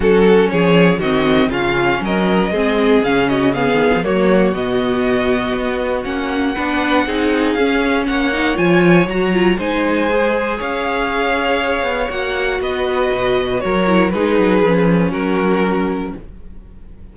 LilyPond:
<<
  \new Staff \with { instrumentName = "violin" } { \time 4/4 \tempo 4 = 119 a'4 cis''4 dis''4 f''4 | dis''2 f''8 dis''8 f''4 | cis''4 dis''2. | fis''2. f''4 |
fis''4 gis''4 ais''4 gis''4~ | gis''4 f''2. | fis''4 dis''2 cis''4 | b'2 ais'2 | }
  \new Staff \with { instrumentName = "violin" } { \time 4/4 fis'4 gis'4 fis'4 f'4 | ais'4 gis'4. fis'8 gis'4 | fis'1~ | fis'4 b'4 gis'2 |
cis''2. c''4~ | c''4 cis''2.~ | cis''4 b'2 ais'4 | gis'2 fis'2 | }
  \new Staff \with { instrumentName = "viola" } { \time 4/4 cis'2 c'4 cis'4~ | cis'4 c'4 cis'4 b4 | ais4 b2. | cis'4 d'4 dis'4 cis'4~ |
cis'8 dis'8 f'4 fis'8 f'8 dis'4 | gis'1 | fis'2.~ fis'8 e'8 | dis'4 cis'2. | }
  \new Staff \with { instrumentName = "cello" } { \time 4/4 fis4 f4 dis4 cis4 | fis4 gis4 cis4. dis16 f16 | fis4 b,2 b4 | ais4 b4 c'4 cis'4 |
ais4 f4 fis4 gis4~ | gis4 cis'2~ cis'8 b8 | ais4 b4 b,4 fis4 | gis8 fis8 f4 fis2 | }
>>